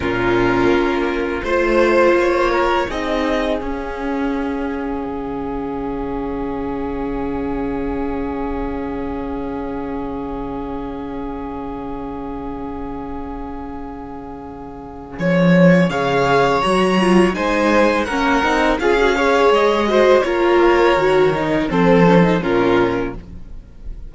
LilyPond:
<<
  \new Staff \with { instrumentName = "violin" } { \time 4/4 \tempo 4 = 83 ais'2 c''4 cis''4 | dis''4 f''2.~ | f''1~ | f''1~ |
f''1~ | f''4 cis''4 f''4 ais''4 | gis''4 fis''4 f''4 dis''4 | cis''2 c''4 ais'4 | }
  \new Staff \with { instrumentName = "violin" } { \time 4/4 f'2 c''4. ais'8 | gis'1~ | gis'1~ | gis'1~ |
gis'1~ | gis'2 cis''2 | c''4 ais'4 gis'8 cis''4 c''8 | ais'2 a'4 f'4 | }
  \new Staff \with { instrumentName = "viola" } { \time 4/4 cis'2 f'2 | dis'4 cis'2.~ | cis'1~ | cis'1~ |
cis'1~ | cis'2 gis'4 fis'8 f'8 | dis'4 cis'8 dis'8 f'16 fis'16 gis'4 fis'8 | f'4 fis'8 dis'8 c'8 cis'16 dis'16 cis'4 | }
  \new Staff \with { instrumentName = "cello" } { \time 4/4 ais,4 ais4 a4 ais4 | c'4 cis'2 cis4~ | cis1~ | cis1~ |
cis1~ | cis4 f4 cis4 fis4 | gis4 ais8 c'8 cis'4 gis4 | ais4 dis4 f4 ais,4 | }
>>